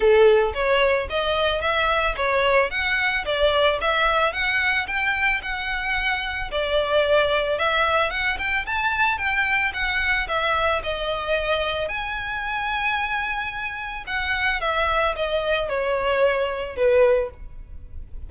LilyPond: \new Staff \with { instrumentName = "violin" } { \time 4/4 \tempo 4 = 111 a'4 cis''4 dis''4 e''4 | cis''4 fis''4 d''4 e''4 | fis''4 g''4 fis''2 | d''2 e''4 fis''8 g''8 |
a''4 g''4 fis''4 e''4 | dis''2 gis''2~ | gis''2 fis''4 e''4 | dis''4 cis''2 b'4 | }